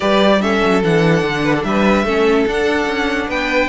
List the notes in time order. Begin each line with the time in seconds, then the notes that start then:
0.00 G3 G4 B4 D5
0.41 C#4 A4 E5
0.63 F#3
0.82 E3 D4 F#5
1.23 D3
1.44 B4
1.53 A4
1.63 G3 B4 E5
2.04 A3 C#4 A4
2.46 D4 F#5
2.86 C#4
3.28 B3 B4 G5